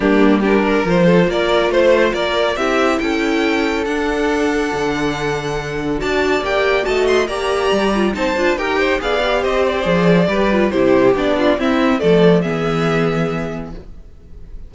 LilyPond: <<
  \new Staff \with { instrumentName = "violin" } { \time 4/4 \tempo 4 = 140 g'4 ais'4 c''4 d''4 | c''4 d''4 e''4 g''4~ | g''4 fis''2.~ | fis''2 a''4 g''4 |
a''8 c'''8 ais''2 a''4 | g''4 f''4 dis''8 d''4.~ | d''4 c''4 d''4 e''4 | d''4 e''2. | }
  \new Staff \with { instrumentName = "violin" } { \time 4/4 d'4 g'8 ais'4 a'8 ais'4 | c''4 ais'4 g'4 a'4~ | a'1~ | a'2 d''2 |
dis''4 d''2 c''4 | ais'8 c''8 d''4 c''2 | b'4 g'4. f'8 e'4 | a'4 gis'2. | }
  \new Staff \with { instrumentName = "viola" } { \time 4/4 ais4 d'4 f'2~ | f'2 e'2~ | e'4 d'2.~ | d'2 fis'4 g'4 |
fis'4 g'4. f'8 dis'8 f'8 | g'4 gis'8 g'4. gis'4 | g'8 f'8 e'4 d'4 c'4 | a4 b2. | }
  \new Staff \with { instrumentName = "cello" } { \time 4/4 g2 f4 ais4 | a4 ais4 c'4 cis'4~ | cis'4 d'2 d4~ | d2 d'4 ais4 |
a4 ais4 g4 c'8 d'8 | dis'4 b4 c'4 f4 | g4 c4 b4 c'4 | f4 e2. | }
>>